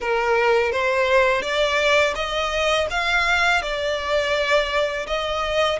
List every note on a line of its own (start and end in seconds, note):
0.00 0.72 A#4
0.72 1.41 C5
1.41 2.14 D5
2.15 2.87 D#5
2.90 3.61 F5
3.61 5.06 D5
5.06 5.79 D#5